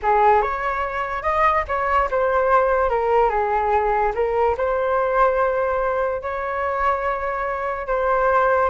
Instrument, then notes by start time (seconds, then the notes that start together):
flute
0.02 G#4
0.42 C#5
1.22 D#5
1.68 C#5
2.10 C5
2.89 A#4
3.29 G#4
4.14 A#4
4.57 C5
6.22 C#5
7.87 C5